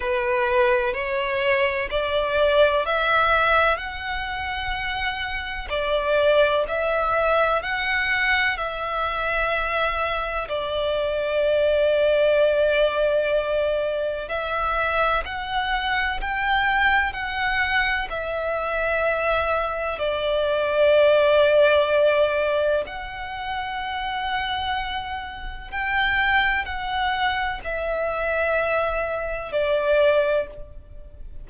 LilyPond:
\new Staff \with { instrumentName = "violin" } { \time 4/4 \tempo 4 = 63 b'4 cis''4 d''4 e''4 | fis''2 d''4 e''4 | fis''4 e''2 d''4~ | d''2. e''4 |
fis''4 g''4 fis''4 e''4~ | e''4 d''2. | fis''2. g''4 | fis''4 e''2 d''4 | }